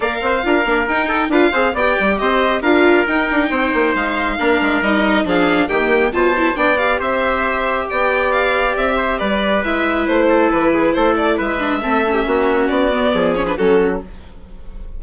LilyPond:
<<
  \new Staff \with { instrumentName = "violin" } { \time 4/4 \tempo 4 = 137 f''2 g''4 f''4 | g''4 dis''4 f''4 g''4~ | g''4 f''2 dis''4 | f''4 g''4 a''4 g''8 f''8 |
e''2 g''4 f''4 | e''4 d''4 e''4 c''4 | b'4 c''8 d''8 e''2~ | e''4 d''4. cis''16 b'16 a'4 | }
  \new Staff \with { instrumentName = "trumpet" } { \time 4/4 d''8 c''8 ais'4. a'8 b'8 c''8 | d''4 c''4 ais'2 | c''2 ais'2 | gis'4 g'4 c''4 d''4 |
c''2 d''2~ | d''8 c''8 b'2~ b'8 a'8~ | a'8 gis'8 a'4 b'4 a'8. g'16 | fis'2 gis'4 fis'4 | }
  \new Staff \with { instrumentName = "viola" } { \time 4/4 ais'4 f'8 d'8 dis'4 f'8 gis'8 | g'2 f'4 dis'4~ | dis'2 d'4 dis'4 | d'4 ais4 f'8 e'8 d'8 g'8~ |
g'1~ | g'2 e'2~ | e'2~ e'8 d'8 c'8 cis'8~ | cis'4. b4 cis'16 d'16 cis'4 | }
  \new Staff \with { instrumentName = "bassoon" } { \time 4/4 ais8 c'8 d'8 ais8 dis'4 d'8 c'8 | b8 g8 c'4 d'4 dis'8 d'8 | c'8 ais8 gis4 ais8 gis8 g4 | f4 dis4 b,4 b4 |
c'2 b2 | c'4 g4 gis4 a4 | e4 a4 gis4 a4 | ais4 b4 f4 fis4 | }
>>